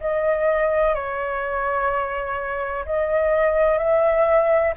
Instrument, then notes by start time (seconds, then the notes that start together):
flute
0.00 D#5
0.94 C#5
2.85 D#5
3.78 E5